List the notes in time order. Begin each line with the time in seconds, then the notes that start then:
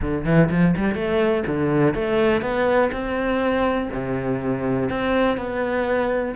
0.01 D3
0.24 E3
0.50 F3
0.76 G3
0.94 A3
1.46 D3
1.94 A3
2.41 B3
2.92 C4
3.93 C3
4.89 C4
5.37 B3